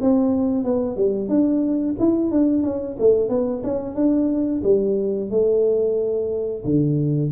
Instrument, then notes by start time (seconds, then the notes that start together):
tuba
0.00 C4
0.64 B3
0.96 G3
1.28 D4
1.98 E4
2.31 D4
2.63 C#4
2.99 A3
3.29 B3
3.63 C#4
3.95 D4
4.63 G3
5.30 A3
6.64 D3